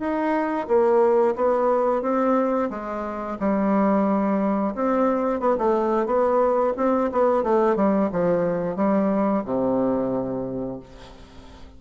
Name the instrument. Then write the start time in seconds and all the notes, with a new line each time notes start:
bassoon
0.00 D#4
0.68 A#3
1.36 B3
2.02 C4
2.70 G#3
3.40 G3
4.75 C4
5.40 B3
5.58 A3
6.06 B3
6.77 C4
7.12 B3
7.43 A3
7.76 G3
8.12 F3
8.76 G3
9.45 C3